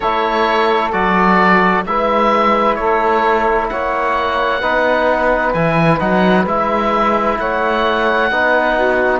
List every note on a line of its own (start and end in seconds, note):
0.00 0.93 A3
0.00 0.92 E4
0.00 1.84 A4
0.00 0.91 C#5
0.92 1.85 F#3
0.92 1.84 F#4
0.92 1.84 D5
1.86 2.77 G#3
1.86 4.62 E4
1.86 2.78 B4
1.86 2.75 E5
2.75 3.69 A3
2.75 3.70 A4
2.75 3.67 C#5
3.69 4.62 A#3
3.69 4.60 C#5
3.69 5.53 F#5
4.60 5.53 B3
4.60 5.54 D#4
4.60 7.37 B4
5.53 6.00 E3
5.53 5.99 E4
5.53 5.99 G#5
5.99 6.45 F#3
5.99 6.45 D#4
5.99 6.45 F#5
6.45 7.37 G#3
6.45 8.30 E4
6.45 7.39 E5
7.38 8.31 A3
7.38 8.30 C#5
7.38 9.19 F#5
8.31 9.19 B3
8.31 9.19 D#4
8.31 8.74 B4
8.74 9.19 F#4